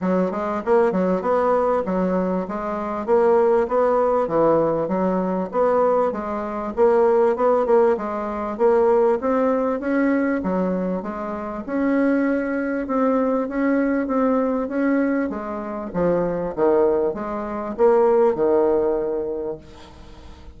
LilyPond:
\new Staff \with { instrumentName = "bassoon" } { \time 4/4 \tempo 4 = 98 fis8 gis8 ais8 fis8 b4 fis4 | gis4 ais4 b4 e4 | fis4 b4 gis4 ais4 | b8 ais8 gis4 ais4 c'4 |
cis'4 fis4 gis4 cis'4~ | cis'4 c'4 cis'4 c'4 | cis'4 gis4 f4 dis4 | gis4 ais4 dis2 | }